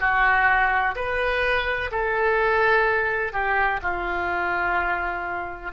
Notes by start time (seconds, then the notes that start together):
0.00 F#4
0.96 B4
1.92 A4
3.33 G4
3.82 F4